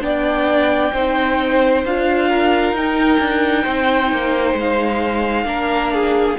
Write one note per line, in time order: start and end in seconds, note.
0.00 0.91 B3
0.00 0.91 D4
0.00 0.93 D5
0.00 1.84 G5
0.93 1.84 C4
0.93 1.85 D#4
0.93 2.28 C5
1.84 2.72 D4
1.84 2.76 F4
1.84 2.76 F5
2.28 3.63 A#4
2.72 3.17 D#4
2.72 5.45 D#4
2.72 4.58 G5
3.19 3.64 D4
3.63 4.11 C4
3.63 5.45 C5
4.11 4.53 A#3
4.53 5.44 G#3
4.59 6.38 F5
5.44 6.35 A#3
5.44 6.36 D4
5.44 5.93 A#4
5.93 6.38 G#4